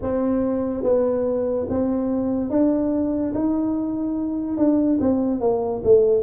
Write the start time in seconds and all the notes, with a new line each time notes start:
0.02 C4
0.83 B3
1.69 C4
2.50 D4
3.34 D#4
4.57 D4
5.00 C4
5.40 A#3
5.83 A3